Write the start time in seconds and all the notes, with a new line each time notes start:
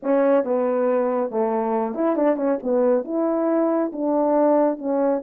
0.02 C#4
0.44 B3
1.30 A3
1.94 E4
2.16 D4
2.36 C#4
2.63 B3
3.04 E4
3.92 D4
4.78 C#4